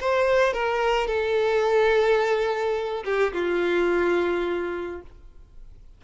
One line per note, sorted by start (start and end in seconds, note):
0.00 0.53 C5
0.53 1.07 A#4
1.07 3.04 A4
3.05 3.33 G4
3.33 5.01 F4